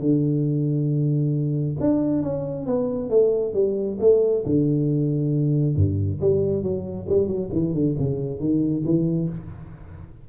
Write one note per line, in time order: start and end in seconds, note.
0.00 1.76 D3
1.80 2.23 D4
2.23 2.66 C#4
2.66 3.10 B3
3.10 3.54 A3
3.54 3.98 G3
4.00 4.44 A3
4.46 5.76 D3
5.76 6.20 G2
6.21 6.63 G3
6.63 7.07 F#3
7.09 7.28 G3
7.28 7.50 F#3
7.52 7.74 E3
7.74 7.96 D3
7.99 8.40 C#3
8.40 8.84 D#3
8.85 9.29 E3